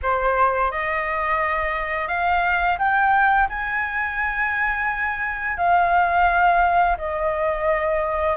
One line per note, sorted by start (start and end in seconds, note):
0.02 0.71 C5
0.71 2.08 D#5
2.08 2.77 F5
2.78 3.48 G5
3.49 5.57 G#5
5.57 6.96 F5
6.97 8.36 D#5